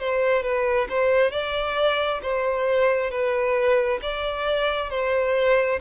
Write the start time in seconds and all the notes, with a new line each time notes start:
0.00 C5
0.43 B4
0.90 C5
1.31 D5
2.23 C5
3.11 B4
4.02 D5
4.91 C5